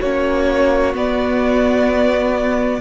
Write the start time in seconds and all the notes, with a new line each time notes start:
0.00 A#3 C#4 F#4 C#5
0.94 B3 D5